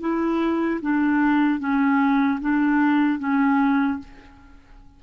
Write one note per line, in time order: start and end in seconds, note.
0.00 0.80 E4
0.81 1.59 D4
1.59 2.39 C#4
2.40 3.19 D4
3.19 3.99 C#4